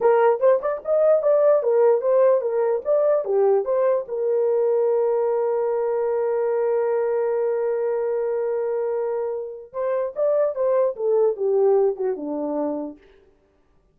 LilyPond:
\new Staff \with { instrumentName = "horn" } { \time 4/4 \tempo 4 = 148 ais'4 c''8 d''8 dis''4 d''4 | ais'4 c''4 ais'4 d''4 | g'4 c''4 ais'2~ | ais'1~ |
ais'1~ | ais'1 | c''4 d''4 c''4 a'4 | g'4. fis'8 d'2 | }